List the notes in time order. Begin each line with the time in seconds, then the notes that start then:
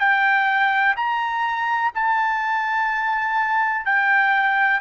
0.00 G5
0.97 A#5
1.95 A5
3.86 G5